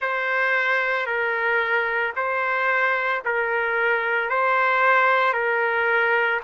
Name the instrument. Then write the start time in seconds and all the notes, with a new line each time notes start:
trumpet
0.01 C5
1.06 A#4
2.15 C5
3.24 A#4
4.29 C5
5.33 A#4